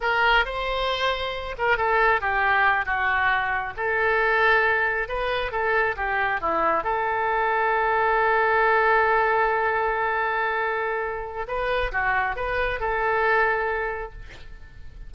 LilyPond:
\new Staff \with { instrumentName = "oboe" } { \time 4/4 \tempo 4 = 136 ais'4 c''2~ c''8 ais'8 | a'4 g'4. fis'4.~ | fis'8 a'2. b'8~ | b'8 a'4 g'4 e'4 a'8~ |
a'1~ | a'1~ | a'2 b'4 fis'4 | b'4 a'2. | }